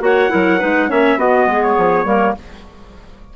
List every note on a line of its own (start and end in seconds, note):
0.00 0.29 A#3
0.00 0.29 F#4
0.00 0.31 C#5
0.00 0.91 F#5
0.29 0.62 F#3
0.29 0.58 E4
0.29 0.59 A#4
0.59 0.90 G#3
0.59 0.88 D#4
0.59 0.88 B4
0.88 1.16 A#3
0.88 1.18 C#4
0.88 1.18 C#5
0.88 1.20 E5
1.16 1.46 B3
1.16 2.06 B3
1.16 1.47 F#4
1.16 1.63 D#5
1.46 1.75 G#3
1.46 2.05 G#4
1.63 2.36 C#5
1.77 2.05 F3
2.05 2.34 G3
2.05 2.35 A#3
2.05 2.34 A#4